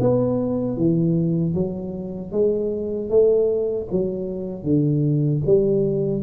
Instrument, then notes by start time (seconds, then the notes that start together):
tuba
0.00 B3
0.77 E3
1.54 F#3
2.32 G#3
3.10 A3
3.91 F#3
4.63 D3
5.46 G3